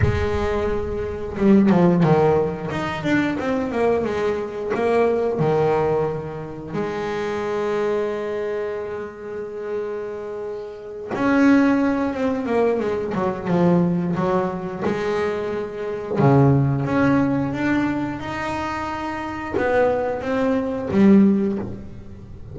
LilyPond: \new Staff \with { instrumentName = "double bass" } { \time 4/4 \tempo 4 = 89 gis2 g8 f8 dis4 | dis'8 d'8 c'8 ais8 gis4 ais4 | dis2 gis2~ | gis1~ |
gis8 cis'4. c'8 ais8 gis8 fis8 | f4 fis4 gis2 | cis4 cis'4 d'4 dis'4~ | dis'4 b4 c'4 g4 | }